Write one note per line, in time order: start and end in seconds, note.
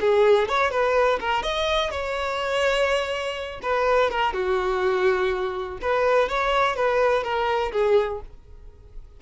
0.00 0.48 G#4
0.48 0.70 C#5
0.70 1.19 B4
1.20 1.42 A#4
1.42 1.90 D#5
1.90 3.60 C#5
3.62 4.10 B4
4.10 4.33 A#4
4.33 5.78 F#4
5.81 6.28 B4
6.28 6.76 C#5
6.76 7.23 B4
7.23 7.71 A#4
7.72 8.20 G#4